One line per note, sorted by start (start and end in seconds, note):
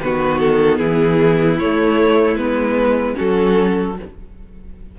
0.00 0.80 D#3
0.00 1.61 B3
0.00 0.78 F#4
0.00 0.39 B4
0.39 0.78 A4
0.78 1.59 E3
0.78 3.15 E4
0.78 1.57 G#4
1.58 2.35 A3
1.58 2.38 A3
1.58 2.36 C#5
2.35 3.14 G#3
2.35 3.14 B3
2.35 3.15 B4
3.14 3.99 F#3
3.14 3.93 C#4
3.14 3.95 F#4
3.14 3.97 A4